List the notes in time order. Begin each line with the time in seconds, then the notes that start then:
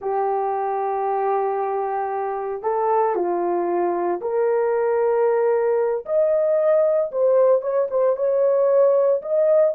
0.01 G4
2.62 A4
3.15 F4
4.21 A#4
6.05 D#5
7.11 C5
7.61 C#5
7.90 C5
8.16 C#5
9.22 D#5